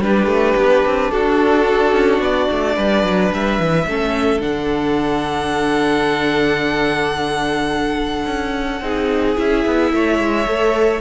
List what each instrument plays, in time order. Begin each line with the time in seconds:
0.00 cello G3, viola D4, violin G4 B4
0.26 cello A3
0.57 cello B3
0.85 cello C4
1.11 cello D4, violin F#4 A4
1.92 cello C#4
2.19 cello B3, violin D5
2.51 cello A3
2.76 cello G3, violin B4
3.03 cello F#3
3.31 cello G3, violin E5
3.58 cello E3
3.86 cello A3, viola C#4, violin A4
4.40 cello D3, viola D4, violin F#5
8.26 cello C#4
8.81 cello C4, viola D#4, violin G#4
9.36 cello C#4, viola E4, violin E5
9.66 cello B3
9.92 cello A3, violin C#5
10.19 cello G#3
10.47 cello A3, viola A4